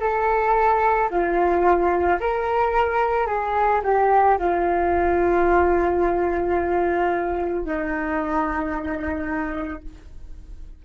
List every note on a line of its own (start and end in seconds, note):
0.00 1.09 A4
1.10 2.19 F4
2.20 3.27 A#4
3.27 3.81 G#4
3.83 4.38 G4
4.38 7.65 F4
7.65 9.83 D#4